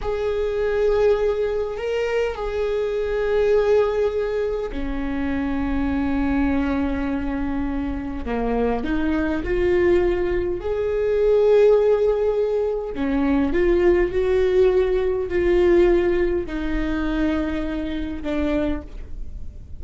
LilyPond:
\new Staff \with { instrumentName = "viola" } { \time 4/4 \tempo 4 = 102 gis'2. ais'4 | gis'1 | cis'1~ | cis'2 ais4 dis'4 |
f'2 gis'2~ | gis'2 cis'4 f'4 | fis'2 f'2 | dis'2. d'4 | }